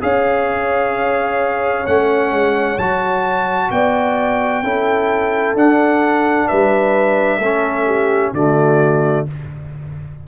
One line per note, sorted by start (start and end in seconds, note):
0.00 1.87 C#4
0.00 1.85 G#4
0.00 3.72 C#5
0.00 1.86 F5
1.86 2.31 A3
1.86 2.79 C#4
1.86 2.78 F#5
2.31 2.77 G#3
2.77 3.70 F#3
2.77 4.63 F#4
2.77 3.70 A5
3.70 4.62 B3
3.70 4.63 D5
3.70 5.55 G5
4.62 5.54 C#4
4.62 5.56 E4
4.62 6.48 A4
5.54 6.46 D4
5.54 7.41 D4
5.54 6.47 F#5
6.47 7.38 G3
6.47 7.38 B4
6.47 8.32 E5
7.38 8.30 A3
7.38 8.35 C#4
7.38 7.84 A4
7.86 8.32 G4
8.32 9.25 D3
8.32 9.27 A3
8.32 9.26 F#4
8.32 9.26 D5